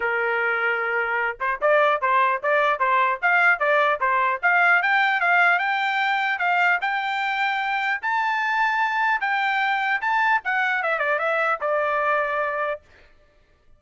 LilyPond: \new Staff \with { instrumentName = "trumpet" } { \time 4/4 \tempo 4 = 150 ais'2.~ ais'8 c''8 | d''4 c''4 d''4 c''4 | f''4 d''4 c''4 f''4 | g''4 f''4 g''2 |
f''4 g''2. | a''2. g''4~ | g''4 a''4 fis''4 e''8 d''8 | e''4 d''2. | }